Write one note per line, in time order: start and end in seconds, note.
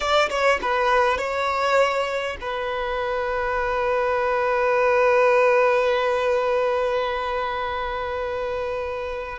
0.00 0.29 D5
0.29 0.59 C#5
0.61 1.18 B4
1.18 2.37 C#5
2.40 9.38 B4